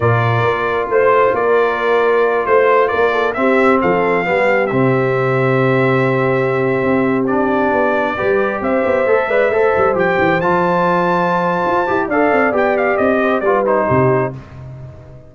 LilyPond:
<<
  \new Staff \with { instrumentName = "trumpet" } { \time 4/4 \tempo 4 = 134 d''2 c''4 d''4~ | d''4. c''4 d''4 e''8~ | e''8 f''2 e''4.~ | e''1~ |
e''16 d''2. e''8.~ | e''2~ e''16 g''4 a''8.~ | a''2. f''4 | g''8 f''8 dis''4 d''8 c''4. | }
  \new Staff \with { instrumentName = "horn" } { \time 4/4 ais'2 c''4 ais'4~ | ais'4. c''4 ais'8 a'8 g'8~ | g'8 a'4 g'2~ g'8~ | g'1~ |
g'2~ g'16 b'4 c''8.~ | c''8. d''8 c''2~ c''8.~ | c''2. d''4~ | d''4. c''8 b'4 g'4 | }
  \new Staff \with { instrumentName = "trombone" } { \time 4/4 f'1~ | f'2.~ f'8 c'8~ | c'4. b4 c'4.~ | c'1~ |
c'16 d'2 g'4.~ g'16~ | g'16 a'8 b'8 a'4 g'4 f'8.~ | f'2~ f'8 g'8 a'4 | g'2 f'8 dis'4. | }
  \new Staff \with { instrumentName = "tuba" } { \time 4/4 ais,4 ais4 a4 ais4~ | ais4. a4 ais4 c'8~ | c'8 f4 g4 c4.~ | c2.~ c16 c'8.~ |
c'4~ c'16 b4 g4 c'8 b16~ | b16 a8 gis8 a8 g8 f8 e8 f8.~ | f2 f'8 e'8 d'8 c'8 | b4 c'4 g4 c4 | }
>>